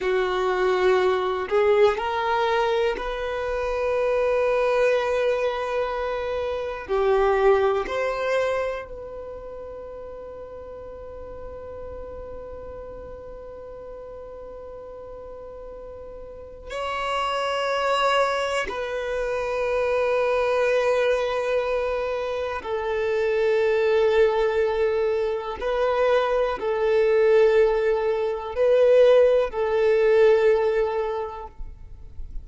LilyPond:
\new Staff \with { instrumentName = "violin" } { \time 4/4 \tempo 4 = 61 fis'4. gis'8 ais'4 b'4~ | b'2. g'4 | c''4 b'2.~ | b'1~ |
b'4 cis''2 b'4~ | b'2. a'4~ | a'2 b'4 a'4~ | a'4 b'4 a'2 | }